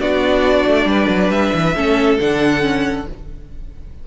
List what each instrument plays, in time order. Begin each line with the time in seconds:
0.00 cello B3, viola D4, violin F#4 D5
0.66 cello A3
0.85 cello G3, violin B4
1.08 cello F#3
1.28 cello G3, violin E5
1.53 cello E3
1.75 cello A3, viola C#4, violin A4
2.20 cello D3, viola D4, violin F#5
2.60 viola C#4